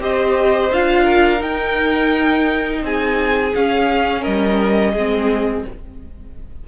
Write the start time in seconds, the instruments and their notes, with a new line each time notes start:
0.00 cello C4, viola G4, violin C5 D#5
0.71 cello D4, viola F4, violin F5
1.04 violin A#4
1.39 viola D#4, cello D#4, violin G5
2.82 cello C4, violin G#4 G#5
3.55 viola C#4, cello C#4, violin F5
4.21 cello G3, violin A#4 D#5
4.93 cello G#3, viola C4, violin G#4